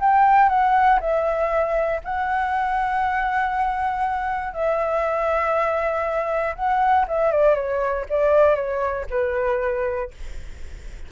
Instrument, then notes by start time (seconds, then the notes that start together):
flute
0.00 G5
0.49 F#5
1.00 E5
2.04 F#5
4.54 E5
6.56 F#5
7.08 E5
7.32 D5
7.55 C#5
8.10 D5
8.56 C#5
9.11 B4